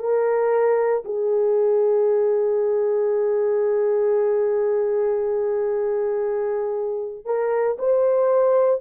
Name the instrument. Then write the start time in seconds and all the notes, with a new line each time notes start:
horn
0.00 A#4
1.05 G#4
7.26 A#4
7.79 C5